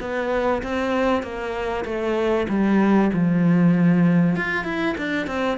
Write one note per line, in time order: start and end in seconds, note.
0.00 0.62 B3
0.63 1.22 C4
1.22 1.84 A#3
1.84 2.46 A3
2.49 3.11 G3
3.13 4.36 F3
4.36 4.64 F4
4.64 4.95 E4
4.97 5.27 D4
5.27 5.58 C4